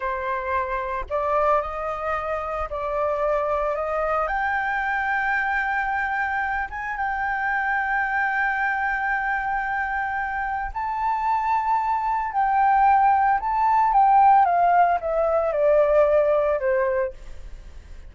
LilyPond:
\new Staff \with { instrumentName = "flute" } { \time 4/4 \tempo 4 = 112 c''2 d''4 dis''4~ | dis''4 d''2 dis''4 | g''1~ | g''8 gis''8 g''2.~ |
g''1 | a''2. g''4~ | g''4 a''4 g''4 f''4 | e''4 d''2 c''4 | }